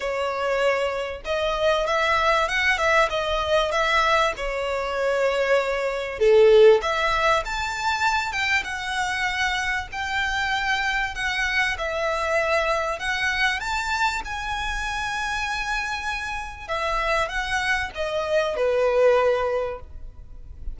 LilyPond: \new Staff \with { instrumentName = "violin" } { \time 4/4 \tempo 4 = 97 cis''2 dis''4 e''4 | fis''8 e''8 dis''4 e''4 cis''4~ | cis''2 a'4 e''4 | a''4. g''8 fis''2 |
g''2 fis''4 e''4~ | e''4 fis''4 a''4 gis''4~ | gis''2. e''4 | fis''4 dis''4 b'2 | }